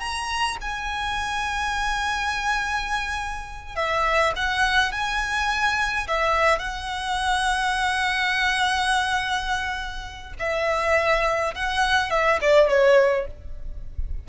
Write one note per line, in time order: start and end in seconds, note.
0.00 0.58 A#5
0.61 3.76 G#5
3.76 4.34 E5
4.36 4.92 F#5
4.92 6.08 G#5
6.08 6.59 E5
6.59 10.34 F#5
10.40 11.55 E5
11.55 12.11 F#5
12.11 12.40 E5
12.41 12.69 D5
12.69 13.27 C#5